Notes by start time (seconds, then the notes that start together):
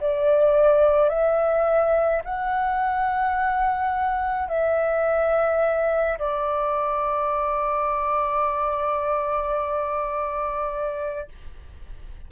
0.00 D5
1.09 E5
2.24 F#5
4.48 E5
6.19 D5